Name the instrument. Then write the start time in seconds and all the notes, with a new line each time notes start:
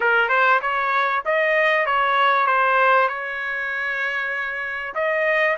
trumpet
0.00 A#4
0.28 C5
0.61 C#5
1.25 D#5
1.86 C#5
2.46 C5
3.08 C#5
4.94 D#5